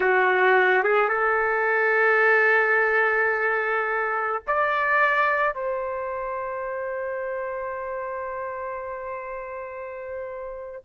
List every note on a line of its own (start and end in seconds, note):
0.00 0.83 F#4
0.83 1.08 G#4
1.08 4.42 A4
4.47 5.54 D5
5.54 10.82 C5